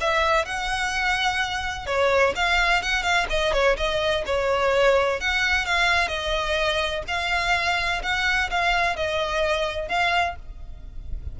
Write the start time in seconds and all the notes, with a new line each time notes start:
0.00 E5
0.45 F#5
1.86 C#5
2.35 F5
2.82 F#5
3.02 F5
3.29 D#5
3.52 C#5
3.77 D#5
4.26 C#5
5.20 F#5
5.65 F5
6.08 D#5
7.07 F5
8.03 F#5
8.50 F5
8.96 D#5
9.88 F5